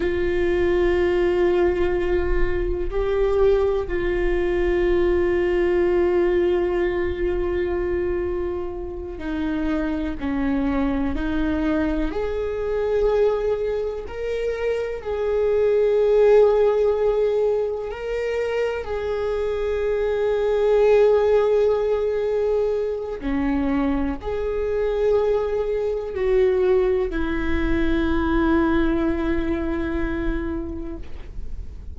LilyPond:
\new Staff \with { instrumentName = "viola" } { \time 4/4 \tempo 4 = 62 f'2. g'4 | f'1~ | f'4. dis'4 cis'4 dis'8~ | dis'8 gis'2 ais'4 gis'8~ |
gis'2~ gis'8 ais'4 gis'8~ | gis'1 | cis'4 gis'2 fis'4 | e'1 | }